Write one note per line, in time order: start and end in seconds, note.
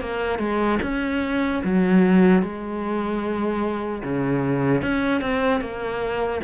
0.00 0.39 A#3
0.39 0.79 G#3
0.82 1.62 C#4
1.64 2.42 F#3
2.42 4.02 G#3
4.03 4.82 C#3
4.82 5.21 C#4
5.21 5.61 C4
5.61 6.41 A#3